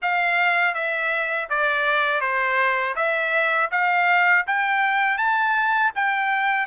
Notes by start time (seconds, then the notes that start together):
0.02 F5
0.74 E5
1.49 D5
2.21 C5
2.95 E5
3.71 F5
4.46 G5
5.17 A5
5.95 G5